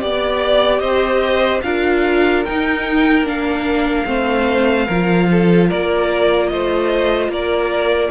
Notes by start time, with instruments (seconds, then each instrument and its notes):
0.00 cello B3, viola G4, violin D5
0.79 cello C4, violin C5 D#5
1.62 cello D4, viola F4, violin A#4 F5
2.45 viola D#4, cello D#4, violin G5
3.22 cello A#3, viola D4, violin F5
4.05 cello A3, viola C4, violin C5
4.86 cello F3, viola F4, violin A#4
5.31 violin A4
5.69 cello A#3, violin A#4 D5
6.48 cello A3, violin C5 D#5
7.28 cello A#3, violin A#4 D5